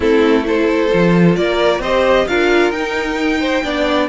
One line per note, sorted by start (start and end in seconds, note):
0.00 0.91 A3
0.00 0.43 C4
0.00 0.44 E4
0.00 0.46 A4
0.43 0.88 E4
0.43 1.38 A4
0.43 1.35 C5
0.91 1.36 F3
0.91 1.82 F4
1.35 1.79 A#3
1.35 1.80 A#4
1.35 1.81 D5
1.79 2.24 C4
1.79 2.28 G4
1.79 2.25 C5
1.79 2.27 D#5
2.27 2.71 D4
2.27 2.73 F4
2.27 3.40 A#4
2.27 2.71 F5
2.71 3.61 D#4
2.71 3.63 D#4
2.71 4.07 G5
3.40 3.63 C5
3.63 4.09 B3
3.63 4.09 D4
3.63 4.09 D5